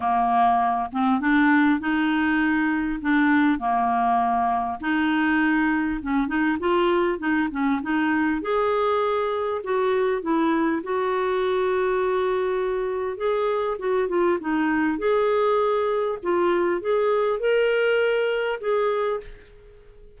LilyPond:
\new Staff \with { instrumentName = "clarinet" } { \time 4/4 \tempo 4 = 100 ais4. c'8 d'4 dis'4~ | dis'4 d'4 ais2 | dis'2 cis'8 dis'8 f'4 | dis'8 cis'8 dis'4 gis'2 |
fis'4 e'4 fis'2~ | fis'2 gis'4 fis'8 f'8 | dis'4 gis'2 f'4 | gis'4 ais'2 gis'4 | }